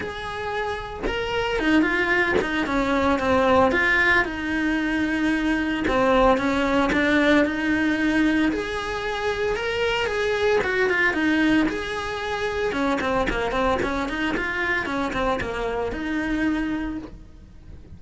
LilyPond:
\new Staff \with { instrumentName = "cello" } { \time 4/4 \tempo 4 = 113 gis'2 ais'4 dis'8 f'8~ | f'8 dis'8 cis'4 c'4 f'4 | dis'2. c'4 | cis'4 d'4 dis'2 |
gis'2 ais'4 gis'4 | fis'8 f'8 dis'4 gis'2 | cis'8 c'8 ais8 c'8 cis'8 dis'8 f'4 | cis'8 c'8 ais4 dis'2 | }